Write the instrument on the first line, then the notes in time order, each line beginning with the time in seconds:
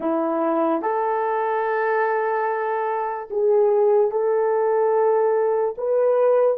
horn
0.00 E4
0.82 A4
3.30 G#4
4.11 A4
5.77 B4